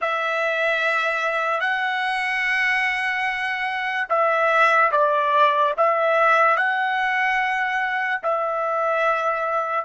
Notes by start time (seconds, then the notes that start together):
0.01 E5
1.60 F#5
4.09 E5
4.91 D5
5.77 E5
6.56 F#5
8.22 E5